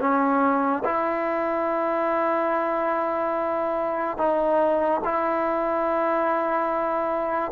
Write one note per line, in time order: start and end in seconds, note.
0.00 0.83 C#4
0.85 4.18 E4
4.18 5.02 D#4
5.05 7.52 E4